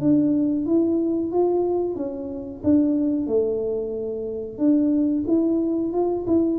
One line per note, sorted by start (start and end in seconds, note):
0.00 0.66 D4
0.66 1.32 E4
1.32 1.96 F4
1.96 2.62 C#4
2.63 3.27 D4
3.27 4.58 A3
4.58 5.24 D4
5.27 5.93 E4
5.93 6.25 F4
6.27 6.59 E4